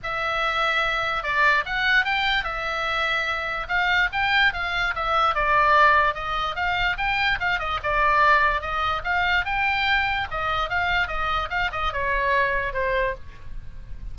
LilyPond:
\new Staff \with { instrumentName = "oboe" } { \time 4/4 \tempo 4 = 146 e''2. d''4 | fis''4 g''4 e''2~ | e''4 f''4 g''4 f''4 | e''4 d''2 dis''4 |
f''4 g''4 f''8 dis''8 d''4~ | d''4 dis''4 f''4 g''4~ | g''4 dis''4 f''4 dis''4 | f''8 dis''8 cis''2 c''4 | }